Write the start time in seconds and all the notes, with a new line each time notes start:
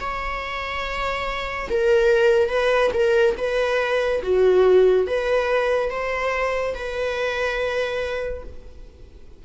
0.00 C#5
1.70 A#4
2.49 B4
2.93 A#4
3.37 B4
4.23 F#4
5.07 B4
5.90 C5
6.75 B4